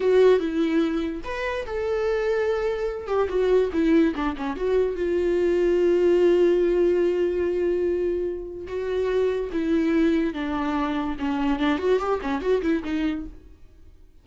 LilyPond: \new Staff \with { instrumentName = "viola" } { \time 4/4 \tempo 4 = 145 fis'4 e'2 b'4 | a'2.~ a'8 g'8 | fis'4 e'4 d'8 cis'8 fis'4 | f'1~ |
f'1~ | f'4 fis'2 e'4~ | e'4 d'2 cis'4 | d'8 fis'8 g'8 cis'8 fis'8 e'8 dis'4 | }